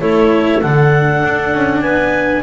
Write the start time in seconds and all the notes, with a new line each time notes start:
0.00 A3 E4 A4 C#5
0.62 D3 D4 F#5
1.24 D4
1.54 C#4
1.82 B3 B4 G#5